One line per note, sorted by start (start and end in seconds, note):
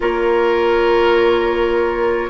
0.00 2.30 A#3
0.00 2.30 F4
0.00 2.30 A#4
0.00 2.30 C#5